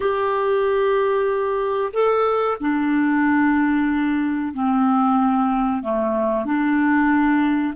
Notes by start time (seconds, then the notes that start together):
0.00 G4
1.93 A4
2.60 D4
4.54 C4
5.82 A3
6.45 D4